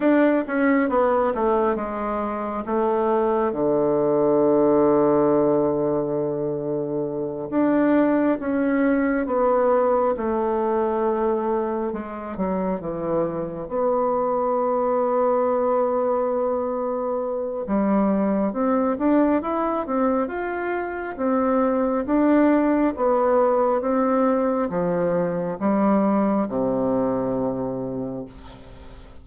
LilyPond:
\new Staff \with { instrumentName = "bassoon" } { \time 4/4 \tempo 4 = 68 d'8 cis'8 b8 a8 gis4 a4 | d1~ | d8 d'4 cis'4 b4 a8~ | a4. gis8 fis8 e4 b8~ |
b1 | g4 c'8 d'8 e'8 c'8 f'4 | c'4 d'4 b4 c'4 | f4 g4 c2 | }